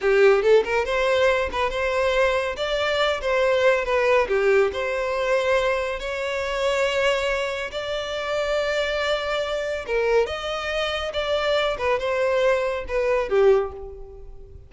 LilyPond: \new Staff \with { instrumentName = "violin" } { \time 4/4 \tempo 4 = 140 g'4 a'8 ais'8 c''4. b'8 | c''2 d''4. c''8~ | c''4 b'4 g'4 c''4~ | c''2 cis''2~ |
cis''2 d''2~ | d''2. ais'4 | dis''2 d''4. b'8 | c''2 b'4 g'4 | }